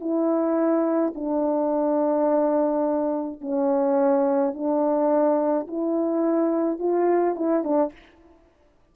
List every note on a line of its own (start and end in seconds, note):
0.00 1.13 E4
1.15 3.41 D4
3.41 4.54 C#4
4.54 5.67 D4
5.67 6.79 E4
6.79 7.35 F4
7.35 7.64 E4
7.64 7.92 D4